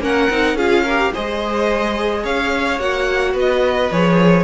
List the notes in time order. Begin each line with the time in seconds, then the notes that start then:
0.00 A#3 C#4 A#4 F#5
0.30 C4 D#4
0.54 C#4 F4 G#4 F5
0.84 G4 A#4
1.13 G#3 G#4 C5 D#5
2.23 C#4 C#5 F5
2.79 A#3 F#4 F#5
3.33 B3 B4 D#5
3.91 F3 G#4 C#5